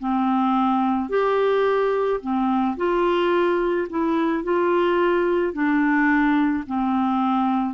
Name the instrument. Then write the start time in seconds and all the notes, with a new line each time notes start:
clarinet
0.00 C4
1.10 G4
2.21 C4
2.77 F4
3.90 E4
4.44 F4
5.54 D4
6.67 C4